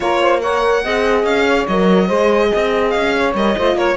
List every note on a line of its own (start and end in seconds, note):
0.00 0.85 A#3
0.00 0.41 F4
0.00 0.21 A#4
0.00 0.40 C#5
0.21 0.41 C5
0.41 0.83 A#4
0.41 0.83 C#5
0.41 1.24 F#5
0.83 1.24 C4
0.83 1.68 G#4
0.83 1.46 D#5
1.24 1.66 C#4
1.24 1.66 F5
1.47 2.06 C#5
1.67 2.09 F#3
1.67 2.08 A#4
1.67 2.90 D#5
2.06 2.51 G#3
2.06 3.34 G#4
2.06 2.48 C5
2.53 2.95 C4
2.53 3.16 D#5
2.90 3.34 C#4
2.90 3.32 F5
3.16 3.56 C#5
3.34 3.55 G3
3.34 3.57 A#4
3.34 3.78 D#5
3.56 3.75 A3
3.56 3.97 F4
3.56 3.75 C5
3.75 3.96 A#3
3.75 3.96 A#4
3.75 3.97 C#5